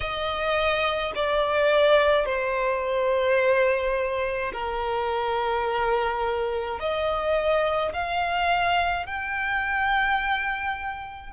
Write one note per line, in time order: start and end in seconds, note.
0.00 1.12 D#5
1.15 2.25 D5
2.25 4.52 C5
4.53 6.79 A#4
6.79 7.92 D#5
7.92 9.06 F5
9.06 11.32 G5